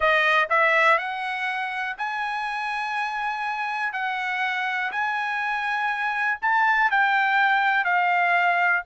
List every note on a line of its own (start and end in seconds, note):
0.00 0.48 D#5
0.49 0.97 E5
0.97 1.96 F#5
1.97 3.93 G#5
3.93 4.91 F#5
4.91 6.39 G#5
6.41 6.90 A5
6.90 7.84 G5
7.84 8.83 F5